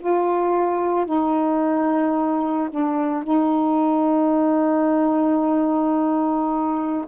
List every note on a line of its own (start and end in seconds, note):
0.00 1.06 F4
1.06 2.70 D#4
2.70 3.24 D4
3.24 7.06 D#4